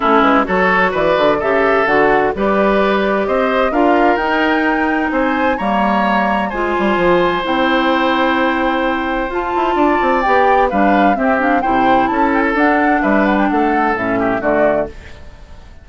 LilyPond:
<<
  \new Staff \with { instrumentName = "flute" } { \time 4/4 \tempo 4 = 129 a'8 b'8 cis''4 d''4 e''4 | fis''4 d''2 dis''4 | f''4 g''2 gis''4 | ais''2 gis''2 |
g''1 | a''2 g''4 f''4 | e''8 f''8 g''4 a''8 g''16 a''16 fis''4 | e''8 fis''16 g''16 fis''4 e''4 d''4 | }
  \new Staff \with { instrumentName = "oboe" } { \time 4/4 e'4 a'4 b'4 a'4~ | a'4 b'2 c''4 | ais'2. c''4 | cis''2 c''2~ |
c''1~ | c''4 d''2 b'4 | g'4 c''4 a'2 | b'4 a'4. g'8 fis'4 | }
  \new Staff \with { instrumentName = "clarinet" } { \time 4/4 cis'4 fis'2 g'4 | fis'4 g'2. | f'4 dis'2. | ais2 f'2 |
e'1 | f'2 g'4 d'4 | c'8 d'8 e'2 d'4~ | d'2 cis'4 a4 | }
  \new Staff \with { instrumentName = "bassoon" } { \time 4/4 a8 gis8 fis4 e8 d8 cis4 | d4 g2 c'4 | d'4 dis'2 c'4 | g2 gis8 g8 f4 |
c'1 | f'8 e'8 d'8 c'8 b4 g4 | c'4 c4 cis'4 d'4 | g4 a4 a,4 d4 | }
>>